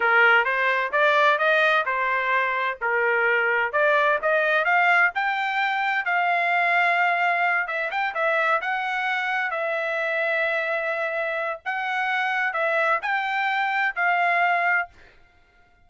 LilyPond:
\new Staff \with { instrumentName = "trumpet" } { \time 4/4 \tempo 4 = 129 ais'4 c''4 d''4 dis''4 | c''2 ais'2 | d''4 dis''4 f''4 g''4~ | g''4 f''2.~ |
f''8 e''8 g''8 e''4 fis''4.~ | fis''8 e''2.~ e''8~ | e''4 fis''2 e''4 | g''2 f''2 | }